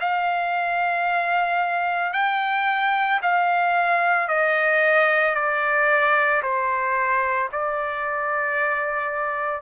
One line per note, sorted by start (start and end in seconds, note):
0.00 2.13 F5
2.13 3.20 G5
3.22 4.28 F5
4.28 5.35 D#5
5.35 6.42 D5
6.42 7.50 C5
7.52 9.61 D5